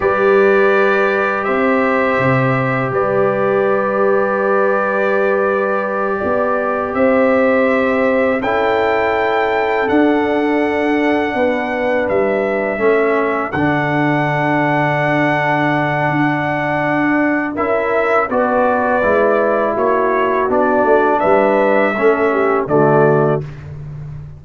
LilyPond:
<<
  \new Staff \with { instrumentName = "trumpet" } { \time 4/4 \tempo 4 = 82 d''2 e''2 | d''1~ | d''4. e''2 g''8~ | g''4. fis''2~ fis''8~ |
fis''8 e''2 fis''4.~ | fis''1 | e''4 d''2 cis''4 | d''4 e''2 d''4 | }
  \new Staff \with { instrumentName = "horn" } { \time 4/4 b'2 c''2 | b'1~ | b'8 d''4 c''2 a'8~ | a'2.~ a'8 b'8~ |
b'4. a'2~ a'8~ | a'1 | ais'4 b'2 fis'4~ | fis'4 b'4 a'8 g'8 fis'4 | }
  \new Staff \with { instrumentName = "trombone" } { \time 4/4 g'1~ | g'1~ | g'2.~ g'8 e'8~ | e'4. d'2~ d'8~ |
d'4. cis'4 d'4.~ | d'1 | e'4 fis'4 e'2 | d'2 cis'4 a4 | }
  \new Staff \with { instrumentName = "tuba" } { \time 4/4 g2 c'4 c4 | g1~ | g8 b4 c'2 cis'8~ | cis'4. d'2 b8~ |
b8 g4 a4 d4.~ | d2 d'2 | cis'4 b4 gis4 ais4 | b8 a8 g4 a4 d4 | }
>>